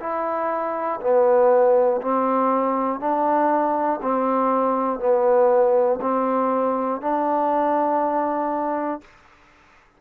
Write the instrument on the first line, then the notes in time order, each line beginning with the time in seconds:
trombone
0.00 E4
1.01 B3
2.02 C4
3.00 D4
4.02 C4
5.00 B3
6.01 C4
7.01 D4